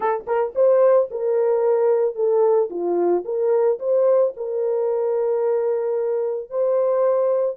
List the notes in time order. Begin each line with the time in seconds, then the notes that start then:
0.00 A4
0.26 A#4
0.55 C5
1.10 A#4
2.15 A4
2.70 F4
3.24 A#4
3.79 C5
4.36 A#4
6.50 C5